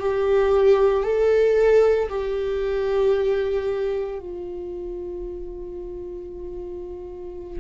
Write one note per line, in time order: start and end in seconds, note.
0.00 1.04 G4
1.04 2.09 A4
2.10 4.20 G4
4.20 7.61 F4